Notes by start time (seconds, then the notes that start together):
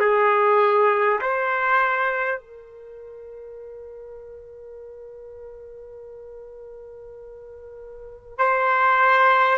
0.00 G#4
1.21 C5
2.40 A#4
8.38 C5